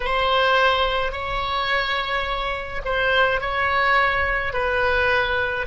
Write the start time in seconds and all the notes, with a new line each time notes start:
0.00 C5
1.12 C#5
2.85 C5
3.41 C#5
4.53 B4